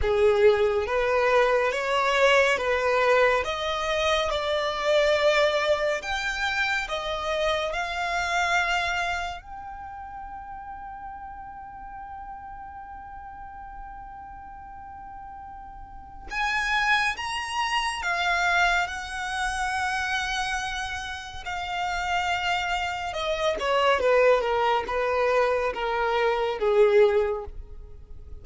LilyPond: \new Staff \with { instrumentName = "violin" } { \time 4/4 \tempo 4 = 70 gis'4 b'4 cis''4 b'4 | dis''4 d''2 g''4 | dis''4 f''2 g''4~ | g''1~ |
g''2. gis''4 | ais''4 f''4 fis''2~ | fis''4 f''2 dis''8 cis''8 | b'8 ais'8 b'4 ais'4 gis'4 | }